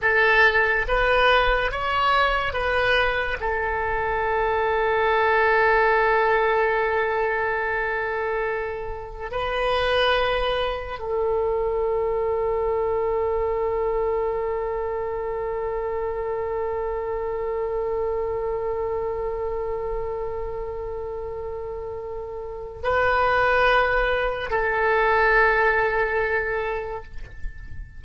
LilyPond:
\new Staff \with { instrumentName = "oboe" } { \time 4/4 \tempo 4 = 71 a'4 b'4 cis''4 b'4 | a'1~ | a'2. b'4~ | b'4 a'2.~ |
a'1~ | a'1~ | a'2. b'4~ | b'4 a'2. | }